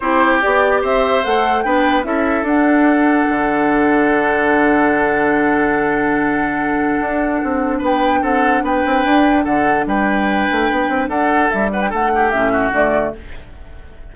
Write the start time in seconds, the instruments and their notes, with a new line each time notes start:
0.00 bassoon C4, clarinet E4, oboe G4, flute C5
0.42 bassoon B3, clarinet G4, flute D5
0.81 bassoon C4, oboe C5, flute E5
1.23 bassoon A3, clarinet A4, flute F#5
1.62 bassoon B3, clarinet D4, oboe B4, flute G5
2.03 bassoon C#4, clarinet E4, oboe A4, flute E5
2.42 bassoon D4, clarinet D4, flute F#5
3.29 bassoon D3
7.00 bassoon D4
7.43 bassoon C4
7.78 bassoon B3, oboe B4
7.85 flute G5
8.21 bassoon C4, oboe A4, flute F#5
8.62 bassoon B3, oboe B4, flute G5
8.85 bassoon C4
9.04 bassoon D4
9.43 bassoon D3, oboe A4, flute F#5
9.85 bassoon G3, oboe B4, flute G5
10.51 bassoon A3
10.70 bassoon B3
10.88 bassoon C4
11.08 bassoon D4, oboe A4, flute F#5
11.49 bassoon G3, flute E5
11.71 oboe B4, flute F#5
11.81 flute G5
11.90 bassoon A3, oboe A4, flute F#5
12.14 oboe G4
12.30 bassoon A2, clarinet C#4, flute E5
12.51 oboe F#4
12.71 bassoon D3, clarinet A3, flute D5